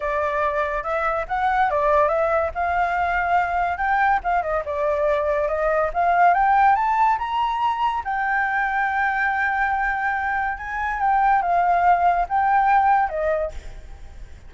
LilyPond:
\new Staff \with { instrumentName = "flute" } { \time 4/4 \tempo 4 = 142 d''2 e''4 fis''4 | d''4 e''4 f''2~ | f''4 g''4 f''8 dis''8 d''4~ | d''4 dis''4 f''4 g''4 |
a''4 ais''2 g''4~ | g''1~ | g''4 gis''4 g''4 f''4~ | f''4 g''2 dis''4 | }